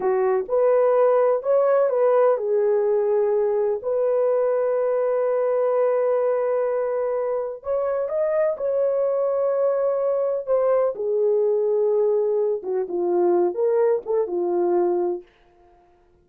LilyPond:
\new Staff \with { instrumentName = "horn" } { \time 4/4 \tempo 4 = 126 fis'4 b'2 cis''4 | b'4 gis'2. | b'1~ | b'1 |
cis''4 dis''4 cis''2~ | cis''2 c''4 gis'4~ | gis'2~ gis'8 fis'8 f'4~ | f'8 ais'4 a'8 f'2 | }